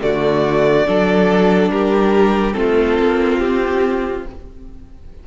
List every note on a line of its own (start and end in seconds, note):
0.00 0.87 D3
0.00 0.85 A3
0.00 0.87 F#4
0.00 1.70 D5
0.86 1.69 F#3
0.86 2.53 D4
0.86 1.71 A4
1.69 2.54 G3
1.69 2.57 G4
1.69 2.53 A#4
2.53 2.98 A3
2.53 4.22 C4
2.53 4.26 F4
2.53 3.37 A4
2.99 3.40 A#3
3.39 4.25 C4
3.39 4.23 G4